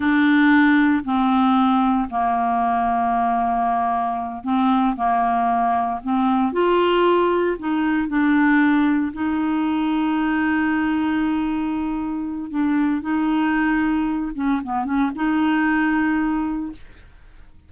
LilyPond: \new Staff \with { instrumentName = "clarinet" } { \time 4/4 \tempo 4 = 115 d'2 c'2 | ais1~ | ais8 c'4 ais2 c'8~ | c'8 f'2 dis'4 d'8~ |
d'4. dis'2~ dis'8~ | dis'1 | d'4 dis'2~ dis'8 cis'8 | b8 cis'8 dis'2. | }